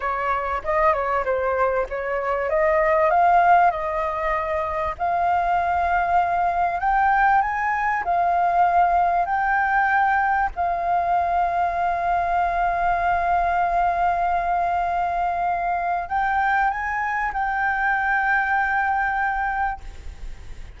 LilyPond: \new Staff \with { instrumentName = "flute" } { \time 4/4 \tempo 4 = 97 cis''4 dis''8 cis''8 c''4 cis''4 | dis''4 f''4 dis''2 | f''2. g''4 | gis''4 f''2 g''4~ |
g''4 f''2.~ | f''1~ | f''2 g''4 gis''4 | g''1 | }